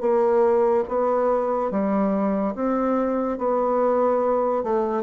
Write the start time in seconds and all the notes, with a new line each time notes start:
0.00 A#3
0.88 B3
1.71 G3
2.55 C4
3.38 B3
4.63 A3